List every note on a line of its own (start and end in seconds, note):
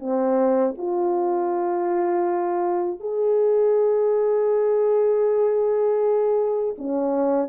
0.00 0.75 C4
0.78 3.00 F4
3.00 6.75 G#4
6.78 7.49 C#4